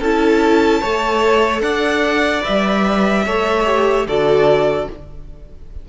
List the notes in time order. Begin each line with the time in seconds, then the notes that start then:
0.00 C#4 E4 A4 A5
0.81 A3 A4 C#5
1.60 D4 D5 F#5
2.41 B4 E5
2.48 G3
3.26 A3 A4 C#5
3.65 G4
4.06 D3 F#4 A4 D5